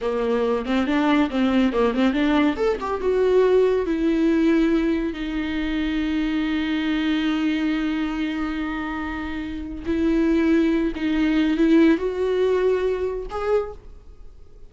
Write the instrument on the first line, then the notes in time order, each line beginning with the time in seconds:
viola
0.01 A#3
0.65 C4
0.86 D4
1.30 C4
1.72 A#3
1.93 C4
2.13 D4
2.56 A4
2.80 G4
3.00 F#4
3.86 E4
5.13 D#4
9.86 E4
10.95 D#4
11.57 E4
11.97 F#4
13.30 G#4